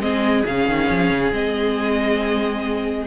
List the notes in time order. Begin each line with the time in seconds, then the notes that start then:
0.00 G#3 C4 G#4 D#5
0.45 C#3 C#4 F5
0.68 D#3
0.90 F3
1.10 C#3
1.31 G#3 C4 D#5